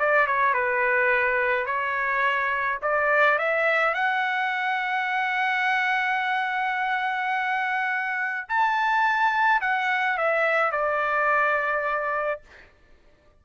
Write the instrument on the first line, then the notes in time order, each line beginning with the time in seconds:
trumpet
0.00 D5
0.27 C#5
0.54 B4
1.67 C#5
2.83 D5
3.39 E5
3.95 F#5
8.50 A5
9.62 F#5
10.18 E5
10.72 D5